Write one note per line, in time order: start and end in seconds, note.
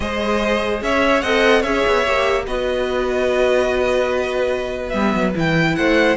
0.00 0.81 G#3
0.00 1.21 G#4
0.00 0.83 C5
0.00 0.81 D#5
0.82 1.22 C#4
0.82 1.23 C#5
0.82 1.21 E5
1.21 1.63 C4
1.21 1.64 A4
1.21 1.60 D#5
1.21 1.62 F#5
1.60 1.83 C#4
1.60 2.05 G#4
1.60 2.43 C#5
1.60 2.44 E5
1.86 2.06 B3
2.06 2.47 A#3
2.06 2.46 G4
2.46 4.92 B3
2.46 4.92 F#4
2.46 5.74 B4
2.46 4.89 D#5
4.89 5.13 G3
4.89 5.33 B3
4.89 5.30 E5
5.14 5.34 F#3
5.35 5.77 E3
5.35 6.16 E4
5.35 5.75 G5
5.75 6.16 A3
5.75 6.16 C5
5.75 6.16 F#5